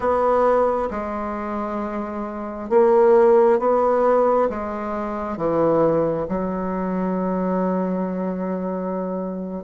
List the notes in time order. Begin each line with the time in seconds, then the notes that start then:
0.00 B3
0.90 G#3
2.69 A#3
3.59 B3
4.49 G#3
5.37 E3
6.28 F#3